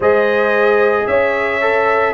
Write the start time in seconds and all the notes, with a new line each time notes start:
0.00 G#3 G#4 C5 D#5
1.06 C#4 C#5 E5
1.61 A4